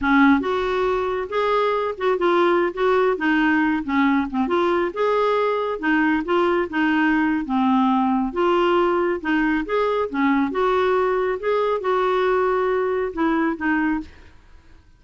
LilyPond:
\new Staff \with { instrumentName = "clarinet" } { \time 4/4 \tempo 4 = 137 cis'4 fis'2 gis'4~ | gis'8 fis'8 f'4~ f'16 fis'4 dis'8.~ | dis'8. cis'4 c'8 f'4 gis'8.~ | gis'4~ gis'16 dis'4 f'4 dis'8.~ |
dis'4 c'2 f'4~ | f'4 dis'4 gis'4 cis'4 | fis'2 gis'4 fis'4~ | fis'2 e'4 dis'4 | }